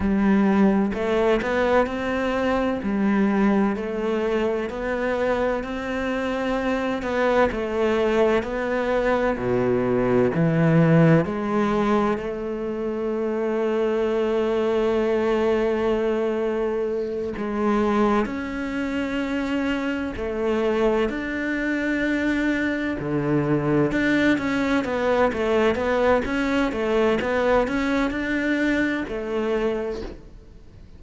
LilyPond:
\new Staff \with { instrumentName = "cello" } { \time 4/4 \tempo 4 = 64 g4 a8 b8 c'4 g4 | a4 b4 c'4. b8 | a4 b4 b,4 e4 | gis4 a2.~ |
a2~ a8 gis4 cis'8~ | cis'4. a4 d'4.~ | d'8 d4 d'8 cis'8 b8 a8 b8 | cis'8 a8 b8 cis'8 d'4 a4 | }